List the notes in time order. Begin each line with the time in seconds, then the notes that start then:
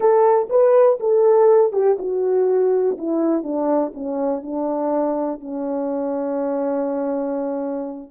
0.00 A4
0.49 B4
1.00 A4
1.72 G4
1.99 F#4
2.98 E4
3.43 D4
3.94 C#4
4.42 D4
5.40 C#4